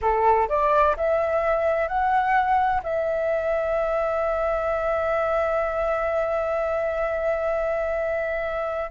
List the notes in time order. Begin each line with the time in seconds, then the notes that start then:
0.01 A4
0.49 D5
0.97 E5
1.87 F#5
2.83 E5